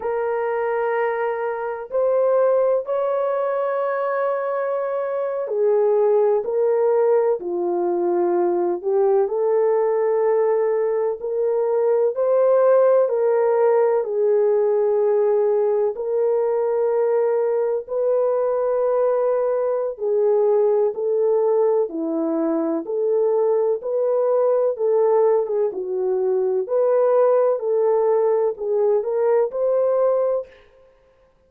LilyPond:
\new Staff \with { instrumentName = "horn" } { \time 4/4 \tempo 4 = 63 ais'2 c''4 cis''4~ | cis''4.~ cis''16 gis'4 ais'4 f'16~ | f'4~ f'16 g'8 a'2 ais'16~ | ais'8. c''4 ais'4 gis'4~ gis'16~ |
gis'8. ais'2 b'4~ b'16~ | b'4 gis'4 a'4 e'4 | a'4 b'4 a'8. gis'16 fis'4 | b'4 a'4 gis'8 ais'8 c''4 | }